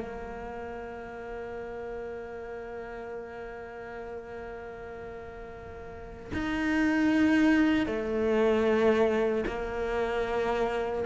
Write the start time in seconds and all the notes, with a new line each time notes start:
0.00 A#3
6.33 D#4
7.87 A3
9.46 A#3